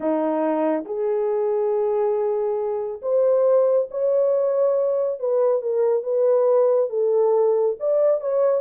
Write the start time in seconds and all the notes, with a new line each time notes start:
0.00 D#4
0.85 G#4
3.02 C5
3.91 C#5
5.19 B4
5.61 A#4
6.03 B4
6.89 A4
7.79 D5
8.20 C#5